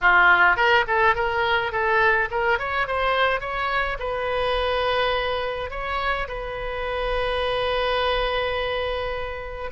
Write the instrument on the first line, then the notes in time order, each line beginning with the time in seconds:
oboe
0.01 F4
0.56 A#4
0.87 A4
1.15 A#4
1.71 A4
2.30 A#4
2.58 C#5
2.87 C5
3.40 C#5
3.99 B4
5.70 C#5
6.28 B4